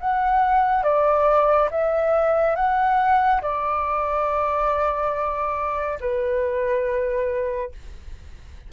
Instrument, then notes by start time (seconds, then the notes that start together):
flute
0.00 F#5
0.83 D5
1.71 E5
2.55 F#5
3.42 D5
6.00 B4